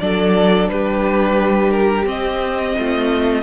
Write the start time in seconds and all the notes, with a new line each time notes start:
0.00 F#3 D4 A4 D5
0.69 G3 G4 B4
1.71 A#4
2.05 C4 D#5
2.78 A3 F4